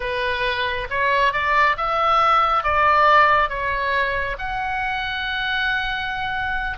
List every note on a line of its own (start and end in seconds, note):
0.00 0.88 B4
0.89 1.32 C#5
1.32 1.76 D5
1.77 2.63 E5
2.63 3.49 D5
3.49 4.37 C#5
4.38 6.78 F#5